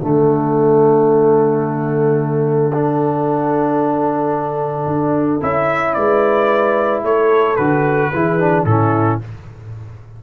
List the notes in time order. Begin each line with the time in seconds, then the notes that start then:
0.00 D3 A3 A4 F#5
2.74 D4
4.87 D4
5.41 C#4 E4 E5
5.94 G#3 B4 D5
7.04 A3 A4 C#5
7.56 D3 F#4 B4
8.13 E3 E4 G#4
8.40 D4
8.65 A2 C#4 E4 A4